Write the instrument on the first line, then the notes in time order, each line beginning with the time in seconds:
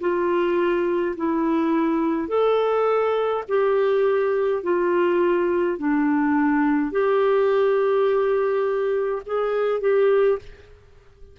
clarinet
0.00 F4
1.16 E4
2.28 A4
3.48 G4
4.63 F4
5.78 D4
6.91 G4
9.25 G#4
9.80 G4